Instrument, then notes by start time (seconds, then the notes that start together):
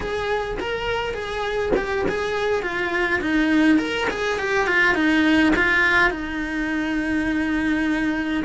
cello
0.00 G#4
0.59 A#4
1.14 G#4
1.76 G4
2.08 G#4
2.62 F4
3.21 D#4
3.78 A#4
4.10 G#4
4.38 G4
4.67 F4
4.95 D#4
5.56 F4
6.10 D#4